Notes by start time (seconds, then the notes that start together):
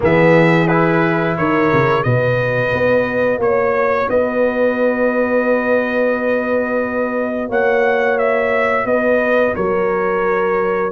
0.00 E3 B3 G#4 E5
0.67 E4 B4
1.37 D#3 A#4 C#5
1.72 C#3
2.03 B2 F#4 B4 D#5
2.73 B3
3.38 A#3 C#5
3.44 C#5
4.09 B3 B4 D#5
7.48 A#3 C#5 F#5
8.18 E5
8.84 B3 B4 D#5
9.55 F#3 A#4 C#5